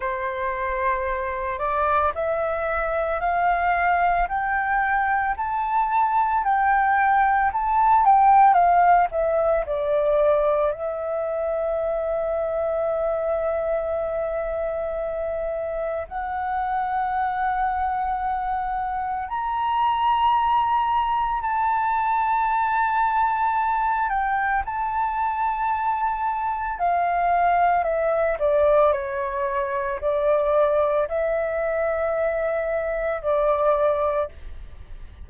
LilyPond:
\new Staff \with { instrumentName = "flute" } { \time 4/4 \tempo 4 = 56 c''4. d''8 e''4 f''4 | g''4 a''4 g''4 a''8 g''8 | f''8 e''8 d''4 e''2~ | e''2. fis''4~ |
fis''2 ais''2 | a''2~ a''8 g''8 a''4~ | a''4 f''4 e''8 d''8 cis''4 | d''4 e''2 d''4 | }